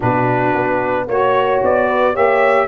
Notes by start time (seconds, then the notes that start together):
0.00 B2 D4 F#4 B4
0.54 B3
1.07 A#3 F#4 C#5
1.63 B3 D5
1.87 B4
2.12 A#3 G4 C#5 E5